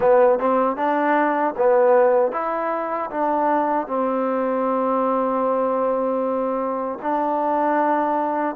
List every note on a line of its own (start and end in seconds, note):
0.00 0.39 B3
0.39 0.76 C4
0.76 1.54 D4
1.57 2.32 B3
2.32 3.10 E4
3.11 3.87 D4
3.87 6.98 C4
7.01 8.55 D4